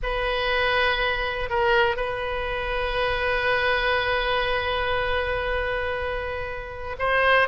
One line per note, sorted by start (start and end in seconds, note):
0.02 1.49 B4
1.49 1.96 A#4
1.96 6.96 B4
6.99 7.48 C5